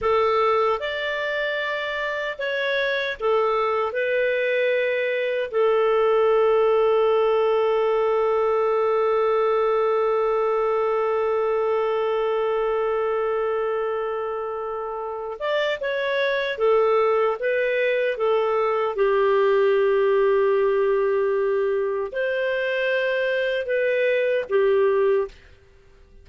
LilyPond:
\new Staff \with { instrumentName = "clarinet" } { \time 4/4 \tempo 4 = 76 a'4 d''2 cis''4 | a'4 b'2 a'4~ | a'1~ | a'1~ |
a'2.~ a'8 d''8 | cis''4 a'4 b'4 a'4 | g'1 | c''2 b'4 g'4 | }